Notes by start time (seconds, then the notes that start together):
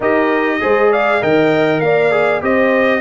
0.00 D#4 G4 A#4 D#5
0.60 G#3 G#4 C5
0.91 D5 F5
1.20 D#3 A#4 D#5 G5
1.80 A#3 D5 F5
2.11 G#4
2.40 C4 G4 C5 D#5